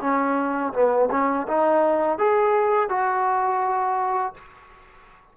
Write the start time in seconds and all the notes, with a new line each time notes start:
0.00 C#4
0.73 B3
1.10 C#4
1.47 D#4
2.18 G#4
2.89 F#4